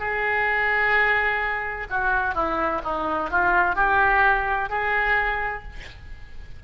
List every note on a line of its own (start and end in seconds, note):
0.00 1.87 G#4
1.90 2.35 F#4
2.35 2.82 E4
2.84 3.30 D#4
3.30 3.76 F4
3.76 4.70 G4
4.70 5.63 G#4